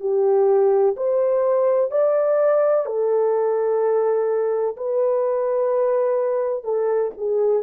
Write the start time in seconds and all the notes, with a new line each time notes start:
0.00 G4
0.97 C5
1.91 D5
2.86 A4
4.77 B4
6.64 A4
7.17 G#4